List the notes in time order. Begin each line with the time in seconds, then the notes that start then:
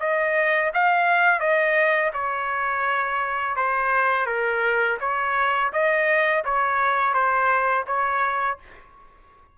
0.00 D#5
0.74 F5
1.40 D#5
2.13 C#5
3.56 C5
4.26 A#4
5.00 C#5
5.72 D#5
6.45 C#5
7.14 C5
7.87 C#5